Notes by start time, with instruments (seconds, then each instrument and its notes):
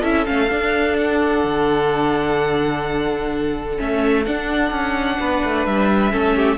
0.00 cello C#4, viola E4, violin A4 E5
0.26 cello A3, viola C#4, violin F5
0.50 viola D4, cello D4
0.99 violin F#5
1.44 cello D3
3.78 cello A3, viola C#4, violin E5
4.25 cello D4, viola D4, violin F#5
4.71 cello C#4
5.20 cello B3, violin B4
5.44 cello A3
5.66 cello G3, violin E5
6.12 cello A3, viola C#4, violin A4
6.36 violin G4